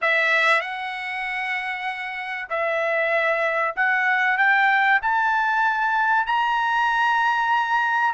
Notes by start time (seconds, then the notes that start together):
0.01 E5
0.60 F#5
2.49 E5
3.76 F#5
4.37 G5
5.02 A5
6.26 A#5